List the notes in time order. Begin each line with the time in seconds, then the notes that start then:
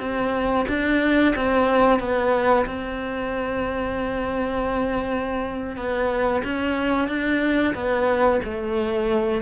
0.00 C4
0.69 D4
1.36 C4
2.00 B3
2.66 C4
5.77 B3
6.45 C#4
7.09 D4
7.75 B3
8.45 A3